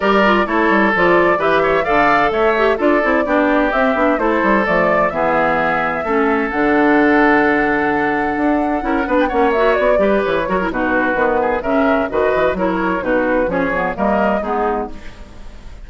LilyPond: <<
  \new Staff \with { instrumentName = "flute" } { \time 4/4 \tempo 4 = 129 d''4 cis''4 d''4 e''4 | f''4 e''4 d''2 | e''4 c''4 d''4 e''4~ | e''2 fis''2~ |
fis''2.~ fis''8. g''16 | fis''8 e''8 d''4 cis''4 b'4~ | b'4 e''4 dis''4 cis''4 | b'4 cis''4 dis''4 gis'4 | }
  \new Staff \with { instrumentName = "oboe" } { \time 4/4 ais'4 a'2 b'8 cis''8 | d''4 cis''4 a'4 g'4~ | g'4 a'2 gis'4~ | gis'4 a'2.~ |
a'2. ais'8 b'8 | cis''4. b'4 ais'8 fis'4~ | fis'8 gis'8 ais'4 b'4 ais'4 | fis'4 gis'4 ais'4 dis'4 | }
  \new Staff \with { instrumentName = "clarinet" } { \time 4/4 g'8 f'8 e'4 f'4 g'4 | a'4. g'8 f'8 e'8 d'4 | c'8 d'8 e'4 a4 b4~ | b4 cis'4 d'2~ |
d'2. e'8 d'8 | cis'8 fis'4 g'4 fis'16 e'16 dis'4 | b4 cis'4 fis'4 e'4 | dis'4 cis'8 b8 ais4 b4 | }
  \new Staff \with { instrumentName = "bassoon" } { \time 4/4 g4 a8 g8 f4 e4 | d4 a4 d'8 c'8 b4 | c'8 b8 a8 g8 f4 e4~ | e4 a4 d2~ |
d2 d'4 cis'8 b8 | ais4 b8 g8 e8 fis8 b,4 | dis4 cis4 dis8 e8 fis4 | b,4 f4 g4 gis4 | }
>>